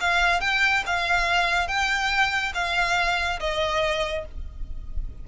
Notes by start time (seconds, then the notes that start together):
0.00 F5
0.41 G5
0.86 F5
1.68 G5
2.54 F5
3.40 D#5